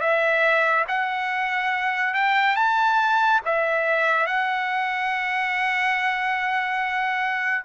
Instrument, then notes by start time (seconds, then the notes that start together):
trumpet
0.00 E5
0.88 F#5
2.14 G5
2.56 A5
3.45 E5
4.26 F#5